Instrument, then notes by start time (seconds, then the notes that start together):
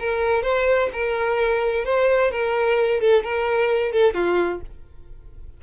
violin
0.00 A#4
0.43 C5
0.93 A#4
1.85 C5
2.31 A#4
3.00 A4
3.24 A#4
3.92 A4
4.14 F4